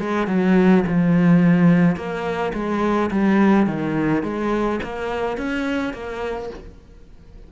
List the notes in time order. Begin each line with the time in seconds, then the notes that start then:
0.00 G#3
0.28 F#3
0.87 F3
1.97 A#3
2.54 G#3
3.11 G3
3.67 D#3
4.23 G#3
4.83 A#3
5.38 C#4
5.94 A#3